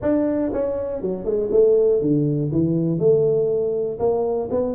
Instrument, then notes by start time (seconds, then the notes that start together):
tuba
0.02 D4
0.52 C#4
1.01 F#3
1.24 G#3
1.51 A3
2.01 D3
2.51 E3
2.98 A3
3.99 A#3
4.50 B3